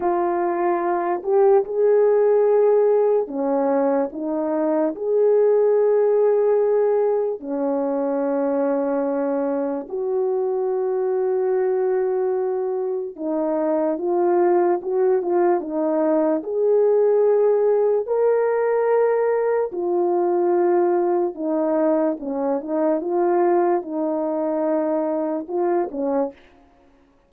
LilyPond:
\new Staff \with { instrumentName = "horn" } { \time 4/4 \tempo 4 = 73 f'4. g'8 gis'2 | cis'4 dis'4 gis'2~ | gis'4 cis'2. | fis'1 |
dis'4 f'4 fis'8 f'8 dis'4 | gis'2 ais'2 | f'2 dis'4 cis'8 dis'8 | f'4 dis'2 f'8 cis'8 | }